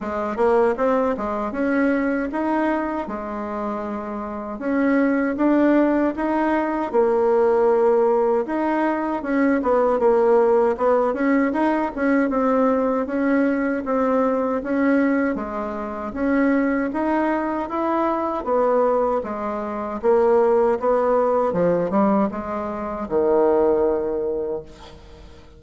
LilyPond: \new Staff \with { instrumentName = "bassoon" } { \time 4/4 \tempo 4 = 78 gis8 ais8 c'8 gis8 cis'4 dis'4 | gis2 cis'4 d'4 | dis'4 ais2 dis'4 | cis'8 b8 ais4 b8 cis'8 dis'8 cis'8 |
c'4 cis'4 c'4 cis'4 | gis4 cis'4 dis'4 e'4 | b4 gis4 ais4 b4 | f8 g8 gis4 dis2 | }